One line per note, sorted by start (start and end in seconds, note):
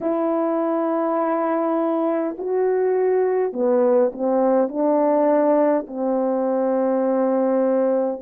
0.00 2.35 E4
2.38 3.52 F#4
3.52 4.11 B3
4.12 4.68 C4
4.68 5.86 D4
5.87 8.21 C4